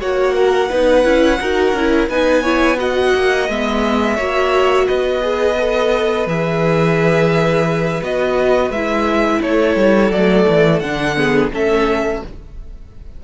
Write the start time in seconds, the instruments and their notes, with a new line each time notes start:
0.00 cello A#3, viola F#4, violin C#5 F#5
0.35 violin A#4
0.69 cello B3, viola D#4, violin B4
1.04 cello C#4, viola E4
1.40 cello D#4, viola F#4, violin A#4
1.72 cello C#4, viola E4
2.09 cello B3, viola D#4, violin B4 G#5
2.42 viola E4, violin C#5
2.78 viola F#4, violin D#5 F#5
3.14 cello A#3
3.48 cello G#3, viola B3, violin E5
4.16 cello A#3, viola F#4, violin C#5
4.86 cello B3, violin B4 D#5
5.21 viola G#4
5.58 viola A4
6.26 cello E3, viola G#4, violin E5
8.02 cello B3, viola F#4, violin D#5
8.70 cello G#3, viola E4, violin E5
9.42 cello A3, violin A4 C#5
9.75 cello G3
10.10 cello F#3, viola A3, violin D5
10.48 cello E3
10.80 cello D3, viola D4, violin F#5
11.16 viola B3, violin G#4
11.52 cello A3, viola C#4, violin A4 E5